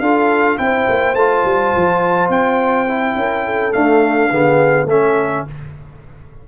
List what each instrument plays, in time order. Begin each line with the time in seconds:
0.00 tuba D4, trombone F4, horn A4, trumpet F5
0.58 tuba C4, trombone E4, horn C5, trumpet G5
0.89 tuba A#3
1.14 tuba A3, trombone F4, trumpet A5
1.44 tuba G3
1.76 tuba F3
2.29 tuba C4, trumpet G5
2.88 trombone E4
3.15 tuba C#4, horn A#4
3.45 horn A4
3.72 trombone A3, tuba D4, trumpet F5
4.30 tuba D3, trombone B3, horn G#4
4.85 tuba A3, trombone C#4, horn A4, trumpet E5